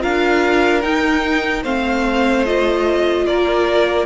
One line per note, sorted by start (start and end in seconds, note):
0.00 0.83 D4
0.00 0.81 F4
0.00 1.62 A#4
0.00 0.81 F5
0.81 1.62 D#4
0.81 1.64 D#4
0.81 1.62 G5
1.62 3.26 A3
1.62 2.45 C4
1.62 3.24 C5
1.62 2.45 F5
2.45 4.06 F4
2.45 3.26 D#5
3.26 4.06 A#3
3.26 4.06 A#4
3.26 4.06 D5